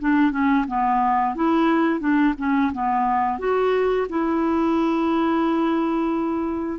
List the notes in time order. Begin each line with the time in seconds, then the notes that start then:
0.00 D4
0.32 C#4
0.68 B3
1.35 E4
2.00 D4
2.38 C#4
2.73 B3
3.39 F#4
4.10 E4